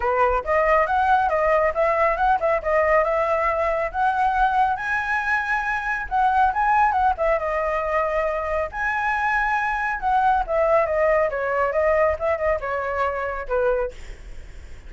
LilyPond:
\new Staff \with { instrumentName = "flute" } { \time 4/4 \tempo 4 = 138 b'4 dis''4 fis''4 dis''4 | e''4 fis''8 e''8 dis''4 e''4~ | e''4 fis''2 gis''4~ | gis''2 fis''4 gis''4 |
fis''8 e''8 dis''2. | gis''2. fis''4 | e''4 dis''4 cis''4 dis''4 | e''8 dis''8 cis''2 b'4 | }